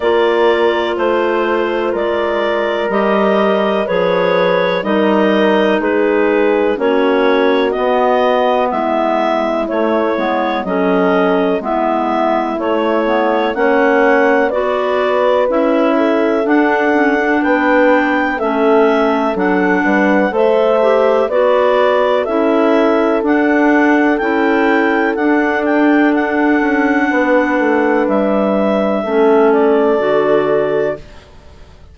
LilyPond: <<
  \new Staff \with { instrumentName = "clarinet" } { \time 4/4 \tempo 4 = 62 d''4 c''4 d''4 dis''4 | cis''4 dis''4 b'4 cis''4 | dis''4 e''4 cis''4 dis''4 | e''4 cis''4 fis''4 d''4 |
e''4 fis''4 g''4 e''4 | fis''4 e''4 d''4 e''4 | fis''4 g''4 fis''8 g''8 fis''4~ | fis''4 e''4. d''4. | }
  \new Staff \with { instrumentName = "horn" } { \time 4/4 ais'4 c''4 ais'2 | b'4 ais'4 gis'4 fis'4~ | fis'4 e'2 a'4 | e'2 cis''4 b'4~ |
b'8 a'4. b'4 a'4~ | a'8 b'8 c''4 b'4 a'4~ | a'1 | b'2 a'2 | }
  \new Staff \with { instrumentName = "clarinet" } { \time 4/4 f'2. g'4 | gis'4 dis'2 cis'4 | b2 a8 b8 cis'4 | b4 a8 b8 cis'4 fis'4 |
e'4 d'8 cis'16 d'4~ d'16 cis'4 | d'4 a'8 g'8 fis'4 e'4 | d'4 e'4 d'2~ | d'2 cis'4 fis'4 | }
  \new Staff \with { instrumentName = "bassoon" } { \time 4/4 ais4 a4 gis4 g4 | f4 g4 gis4 ais4 | b4 gis4 a8 gis8 fis4 | gis4 a4 ais4 b4 |
cis'4 d'4 b4 a4 | fis8 g8 a4 b4 cis'4 | d'4 cis'4 d'4. cis'8 | b8 a8 g4 a4 d4 | }
>>